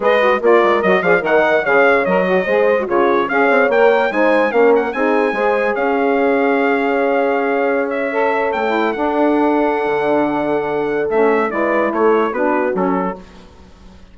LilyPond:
<<
  \new Staff \with { instrumentName = "trumpet" } { \time 4/4 \tempo 4 = 146 dis''4 d''4 dis''8 f''8 fis''4 | f''4 dis''2 cis''4 | f''4 g''4 gis''4 f''8 fis''8 | gis''2 f''2~ |
f''2.~ f''16 e''8.~ | e''8. g''4 fis''2~ fis''16~ | fis''2. e''4 | d''4 cis''4 b'4 a'4 | }
  \new Staff \with { instrumentName = "horn" } { \time 4/4 b'4 ais'4. d''8 dis''4 | cis''2 c''4 gis'4 | cis''2 c''4 ais'4 | gis'4 c''4 cis''2~ |
cis''1~ | cis''4.~ cis''16 a'2~ a'16~ | a'1 | b'4 a'4 fis'2 | }
  \new Staff \with { instrumentName = "saxophone" } { \time 4/4 gis'8 fis'8 f'4 fis'8 gis'8 ais'4 | gis'4 ais'8 fis'8 gis'8. fis'16 f'4 | gis'4 ais'4 dis'4 cis'4 | dis'4 gis'2.~ |
gis'2.~ gis'8. a'16~ | a'4 e'8. d'2~ d'16~ | d'2. cis'4 | e'2 d'4 cis'4 | }
  \new Staff \with { instrumentName = "bassoon" } { \time 4/4 gis4 ais8 gis8 fis8 f8 dis4 | cis4 fis4 gis4 cis4 | cis'8 c'8 ais4 gis4 ais4 | c'4 gis4 cis'2~ |
cis'1~ | cis'8. a4 d'2~ d'16 | d2. a4 | gis4 a4 b4 fis4 | }
>>